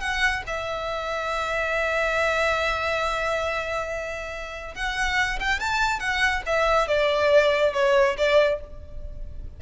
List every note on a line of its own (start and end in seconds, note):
0.00 0.43 F#5
0.47 4.75 E5
4.75 5.39 F#5
5.40 5.59 G5
5.59 5.99 A5
5.99 6.42 F#5
6.46 6.88 E5
6.88 7.73 D5
7.73 8.16 C#5
8.17 8.60 D5